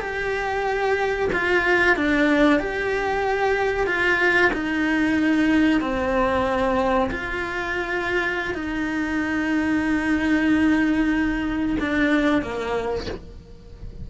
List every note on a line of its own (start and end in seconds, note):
0.00 1.29 G4
1.33 1.96 F4
1.96 2.60 D4
2.60 3.87 G4
3.87 4.51 F4
4.53 5.81 D#4
5.81 7.10 C4
7.11 8.54 F4
8.54 11.77 D#4
11.79 12.42 D4
12.42 13.06 A#3